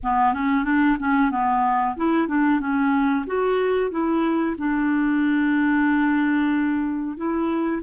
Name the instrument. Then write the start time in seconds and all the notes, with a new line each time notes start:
clarinet
0.03 B3
0.33 C#4
0.64 D4
0.99 C#4
1.30 B3
1.96 E4
2.27 D4
2.60 C#4
3.26 F#4
3.90 E4
4.58 D4
7.17 E4